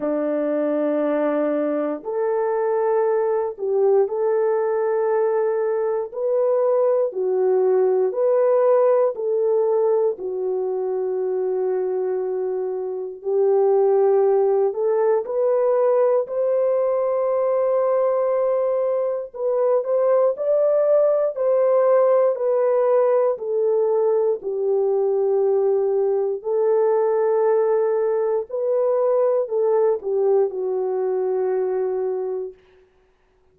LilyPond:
\new Staff \with { instrumentName = "horn" } { \time 4/4 \tempo 4 = 59 d'2 a'4. g'8 | a'2 b'4 fis'4 | b'4 a'4 fis'2~ | fis'4 g'4. a'8 b'4 |
c''2. b'8 c''8 | d''4 c''4 b'4 a'4 | g'2 a'2 | b'4 a'8 g'8 fis'2 | }